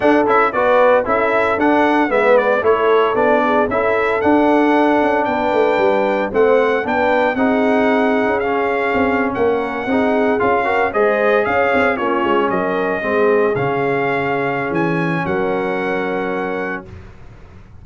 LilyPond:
<<
  \new Staff \with { instrumentName = "trumpet" } { \time 4/4 \tempo 4 = 114 fis''8 e''8 d''4 e''4 fis''4 | e''8 d''8 cis''4 d''4 e''4 | fis''2 g''2 | fis''4 g''4 fis''2 |
f''4.~ f''16 fis''2 f''16~ | f''8. dis''4 f''4 cis''4 dis''16~ | dis''4.~ dis''16 f''2~ f''16 | gis''4 fis''2. | }
  \new Staff \with { instrumentName = "horn" } { \time 4/4 a'4 b'4 a'2 | b'4 a'4. gis'8 a'4~ | a'2 b'2 | c''4 b'4 gis'2~ |
gis'4.~ gis'16 ais'4 gis'4~ gis'16~ | gis'16 ais'8 c''4 cis''4 f'4 ais'16~ | ais'8. gis'2.~ gis'16~ | gis'4 ais'2. | }
  \new Staff \with { instrumentName = "trombone" } { \time 4/4 d'8 e'8 fis'4 e'4 d'4 | b4 e'4 d'4 e'4 | d'1 | c'4 d'4 dis'2 |
cis'2~ cis'8. dis'4 f'16~ | f'16 fis'8 gis'2 cis'4~ cis'16~ | cis'8. c'4 cis'2~ cis'16~ | cis'1 | }
  \new Staff \with { instrumentName = "tuba" } { \time 4/4 d'8 cis'8 b4 cis'4 d'4 | gis4 a4 b4 cis'4 | d'4. cis'8 b8 a8 g4 | a4 b4 c'4.~ c'16 cis'16~ |
cis'4 c'8. ais4 c'4 cis'16~ | cis'8. gis4 cis'8 c'8 ais8 gis8 fis16~ | fis8. gis4 cis2~ cis16 | e4 fis2. | }
>>